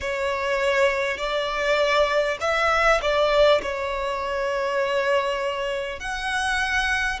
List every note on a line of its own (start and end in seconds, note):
0.00 1.17 C#5
1.17 2.37 D5
2.40 3.00 E5
3.01 3.61 D5
3.62 5.99 C#5
5.99 7.19 F#5